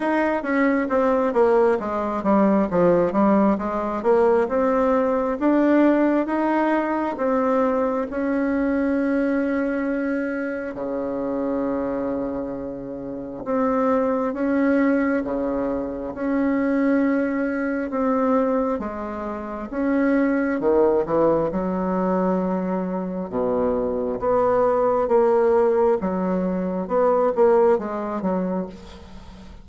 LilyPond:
\new Staff \with { instrumentName = "bassoon" } { \time 4/4 \tempo 4 = 67 dis'8 cis'8 c'8 ais8 gis8 g8 f8 g8 | gis8 ais8 c'4 d'4 dis'4 | c'4 cis'2. | cis2. c'4 |
cis'4 cis4 cis'2 | c'4 gis4 cis'4 dis8 e8 | fis2 b,4 b4 | ais4 fis4 b8 ais8 gis8 fis8 | }